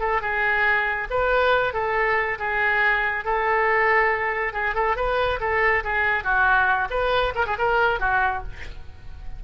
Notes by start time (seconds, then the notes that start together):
0.00 A4
0.22 G#4
1.10 B4
1.73 A4
2.39 G#4
3.25 A4
4.53 G#4
4.75 A4
4.97 B4
5.40 A4
5.84 G#4
6.24 F#4
6.90 B4
7.35 A#4
7.46 G#4
7.59 A#4
8.00 F#4